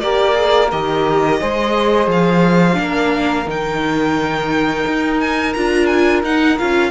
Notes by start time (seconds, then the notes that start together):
0.00 A#3 G4 A#4 D5
0.34 G#4
0.71 D#3 G4 D#5
1.40 G#3 G#4 C5
2.07 F3 F5
2.74 A#3 D4
2.80 A#4
3.46 D#3 D#4 G5
4.86 D#4
5.20 G#5
5.53 D4 F4 A#5
5.86 G#5
6.23 D#4 F#5
6.58 C#4 F4 F5